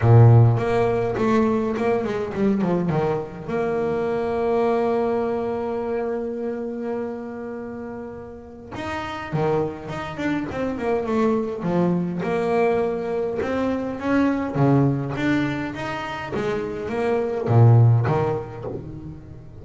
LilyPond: \new Staff \with { instrumentName = "double bass" } { \time 4/4 \tempo 4 = 103 ais,4 ais4 a4 ais8 gis8 | g8 f8 dis4 ais2~ | ais1~ | ais2. dis'4 |
dis4 dis'8 d'8 c'8 ais8 a4 | f4 ais2 c'4 | cis'4 cis4 d'4 dis'4 | gis4 ais4 ais,4 dis4 | }